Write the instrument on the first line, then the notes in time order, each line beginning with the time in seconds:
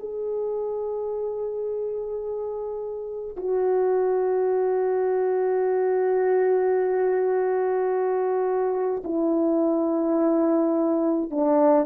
horn
0.00 G#4
3.37 F#4
9.05 E4
11.31 D4